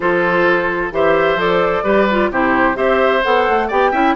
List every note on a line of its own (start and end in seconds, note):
0.00 0.91 F3
0.00 0.92 F4
0.00 0.93 A4
0.00 0.91 C5
0.91 1.35 E3
0.91 1.38 G4
0.91 1.83 C5
0.91 1.39 E5
1.35 1.81 F3
1.35 1.84 A4
1.35 2.31 D5
1.83 2.30 G3
1.83 2.07 G4
1.83 2.30 B4
2.10 2.32 F4
2.30 2.76 C3
2.30 2.74 E4
2.30 2.76 G4
2.30 2.76 C5
2.74 3.22 C4
2.74 3.20 G4
2.74 3.67 C5
2.74 3.22 E5
3.23 3.48 B3
3.23 3.69 A4
3.23 3.69 F#5
3.48 3.70 A3
3.67 3.92 B3
3.67 3.93 G4
3.67 3.90 D5
3.67 4.16 G5
3.91 4.15 C#4
3.91 4.16 E4
3.91 4.14 E5